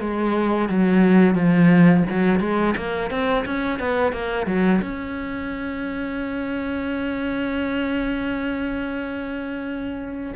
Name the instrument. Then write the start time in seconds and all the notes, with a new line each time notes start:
cello
0.00 G#3
0.69 F#3
1.35 F3
2.09 F#3
2.40 G#3
2.77 A#3
3.10 C4
3.45 C#4
3.79 B3
4.13 A#3
4.46 F#3
4.82 C#4